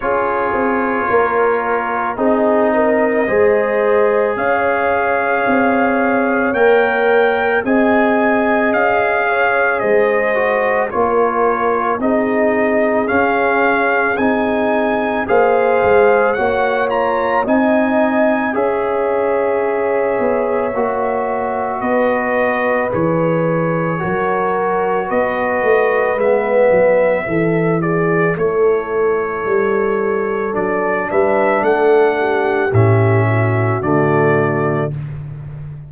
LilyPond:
<<
  \new Staff \with { instrumentName = "trumpet" } { \time 4/4 \tempo 4 = 55 cis''2 dis''2 | f''2 g''4 gis''4 | f''4 dis''4 cis''4 dis''4 | f''4 gis''4 f''4 fis''8 ais''8 |
gis''4 e''2. | dis''4 cis''2 dis''4 | e''4. d''8 cis''2 | d''8 e''8 fis''4 e''4 d''4 | }
  \new Staff \with { instrumentName = "horn" } { \time 4/4 gis'4 ais'4 gis'8 ais'8 c''4 | cis''2. dis''4~ | dis''8 cis''8 c''4 ais'4 gis'4~ | gis'2 c''4 cis''4 |
dis''4 cis''2. | b'2 ais'4 b'4~ | b'4 a'8 gis'8 a'2~ | a'8 b'8 a'8 g'4 fis'4. | }
  \new Staff \with { instrumentName = "trombone" } { \time 4/4 f'2 dis'4 gis'4~ | gis'2 ais'4 gis'4~ | gis'4. fis'8 f'4 dis'4 | cis'4 dis'4 gis'4 fis'8 f'8 |
dis'4 gis'2 fis'4~ | fis'4 gis'4 fis'2 | b4 e'2. | d'2 cis'4 a4 | }
  \new Staff \with { instrumentName = "tuba" } { \time 4/4 cis'8 c'8 ais4 c'4 gis4 | cis'4 c'4 ais4 c'4 | cis'4 gis4 ais4 c'4 | cis'4 c'4 ais8 gis8 ais4 |
c'4 cis'4. b8 ais4 | b4 e4 fis4 b8 a8 | gis8 fis8 e4 a4 g4 | fis8 g8 a4 a,4 d4 | }
>>